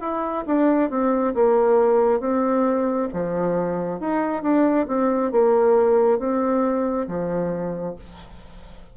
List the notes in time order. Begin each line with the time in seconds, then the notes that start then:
0.00 E4
0.46 D4
0.90 C4
1.34 A#3
2.20 C4
3.13 F3
4.00 D#4
4.42 D4
4.87 C4
5.31 A#3
6.19 C4
7.07 F3